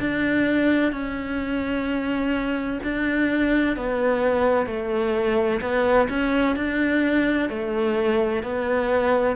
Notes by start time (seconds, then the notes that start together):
0.00 D4
0.92 C#4
2.83 D4
3.76 B3
4.67 A3
5.61 B3
6.09 C#4
6.56 D4
7.49 A3
8.43 B3